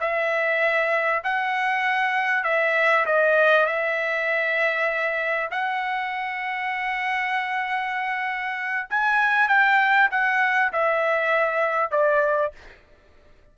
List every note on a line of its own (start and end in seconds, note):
0.00 1.22 E5
1.24 2.44 F#5
2.44 3.05 E5
3.06 3.66 D#5
3.66 5.50 E5
5.51 8.87 F#5
8.90 9.48 G#5
9.48 10.09 G5
10.11 10.72 F#5
10.72 11.91 E5
11.91 12.52 D5